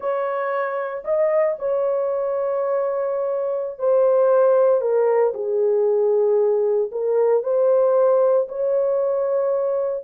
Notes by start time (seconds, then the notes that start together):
0.00 C#5
1.04 D#5
1.58 C#5
3.78 C5
4.81 A#4
5.34 G#4
6.91 A#4
7.43 C5
8.48 C#5